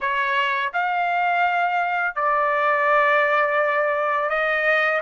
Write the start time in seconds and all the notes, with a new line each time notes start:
0.00 C#5
0.73 F5
2.15 D5
4.29 D#5